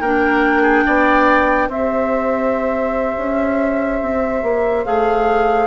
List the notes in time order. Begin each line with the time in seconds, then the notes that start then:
0.00 A#3 D4 A#4 G5
0.62 G#4
0.86 B3 D5
1.68 C4 G4 C5 E5
3.17 C#4
4.01 C4
4.42 A#3
4.85 A3 G#4 F5